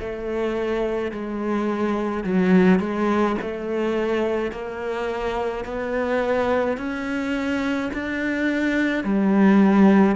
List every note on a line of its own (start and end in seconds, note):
0.00 1.12 A3
1.12 2.24 G#3
2.24 2.80 F#3
2.80 3.37 G#3
3.42 4.51 A3
4.51 5.64 A#3
5.65 6.78 B3
6.78 7.91 C#4
7.93 9.04 D4
9.04 10.16 G3